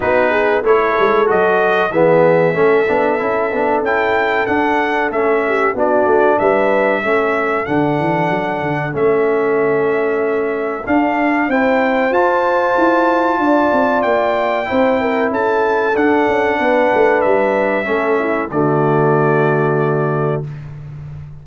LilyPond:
<<
  \new Staff \with { instrumentName = "trumpet" } { \time 4/4 \tempo 4 = 94 b'4 cis''4 dis''4 e''4~ | e''2 g''4 fis''4 | e''4 d''4 e''2 | fis''2 e''2~ |
e''4 f''4 g''4 a''4~ | a''2 g''2 | a''4 fis''2 e''4~ | e''4 d''2. | }
  \new Staff \with { instrumentName = "horn" } { \time 4/4 fis'8 gis'8 a'2 gis'4 | a'1~ | a'8 g'8 fis'4 b'4 a'4~ | a'1~ |
a'2 c''2~ | c''4 d''2 c''8 ais'8 | a'2 b'2 | a'8 e'8 fis'2. | }
  \new Staff \with { instrumentName = "trombone" } { \time 4/4 dis'4 e'4 fis'4 b4 | cis'8 d'8 e'8 d'8 e'4 d'4 | cis'4 d'2 cis'4 | d'2 cis'2~ |
cis'4 d'4 e'4 f'4~ | f'2. e'4~ | e'4 d'2. | cis'4 a2. | }
  \new Staff \with { instrumentName = "tuba" } { \time 4/4 b4 a8 gis8 fis4 e4 | a8 b8 cis'8 b8 cis'4 d'4 | a4 b8 a8 g4 a4 | d8 e8 fis8 d8 a2~ |
a4 d'4 c'4 f'4 | e'4 d'8 c'8 ais4 c'4 | cis'4 d'8 cis'8 b8 a8 g4 | a4 d2. | }
>>